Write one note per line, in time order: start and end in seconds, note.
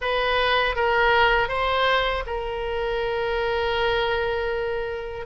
0.01 0.75 B4
0.75 1.48 A#4
1.48 2.23 C5
2.26 5.26 A#4